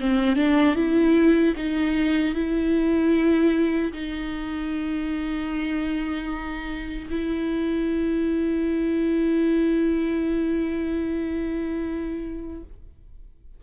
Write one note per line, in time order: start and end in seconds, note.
0.00 0.36 C4
0.36 0.75 D4
0.75 1.54 E4
1.56 2.34 D#4
2.34 3.92 E4
3.92 7.08 D#4
7.10 12.62 E4